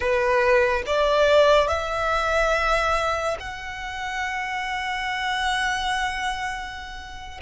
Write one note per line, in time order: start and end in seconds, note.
0.00 0.83 B4
0.86 1.68 D5
1.68 3.37 E5
3.39 7.41 F#5